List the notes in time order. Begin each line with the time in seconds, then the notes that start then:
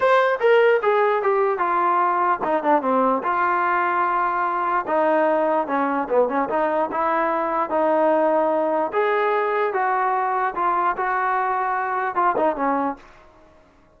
0.00 C5
0.40 A#4
0.82 G#4
1.22 G4
1.58 F4
2.43 D#4
2.63 D4
2.82 C4
3.23 F4
4.87 D#4
5.67 C#4
6.09 B3
6.28 C#4
6.49 D#4
6.91 E4
7.70 D#4
8.92 G#4
9.73 F#4
10.55 F4
10.96 F#4
12.15 F4
12.36 D#4
12.56 C#4